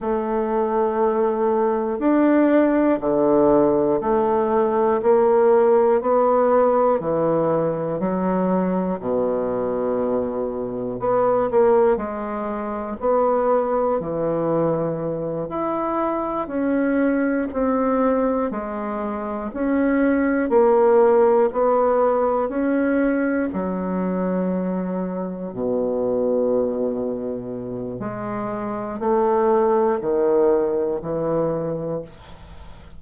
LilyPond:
\new Staff \with { instrumentName = "bassoon" } { \time 4/4 \tempo 4 = 60 a2 d'4 d4 | a4 ais4 b4 e4 | fis4 b,2 b8 ais8 | gis4 b4 e4. e'8~ |
e'8 cis'4 c'4 gis4 cis'8~ | cis'8 ais4 b4 cis'4 fis8~ | fis4. b,2~ b,8 | gis4 a4 dis4 e4 | }